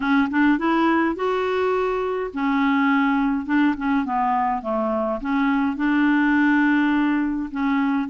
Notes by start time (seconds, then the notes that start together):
0.00 C#4
0.30 D4
0.58 E4
1.15 F#4
2.33 C#4
3.46 D4
3.77 C#4
4.05 B3
4.62 A3
5.21 C#4
5.76 D4
7.51 C#4